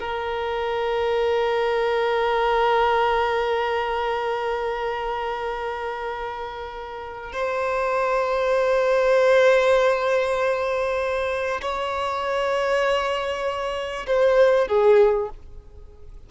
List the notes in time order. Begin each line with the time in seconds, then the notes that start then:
0.00 A#4
7.32 C5
11.61 C#5
14.06 C5
14.68 G#4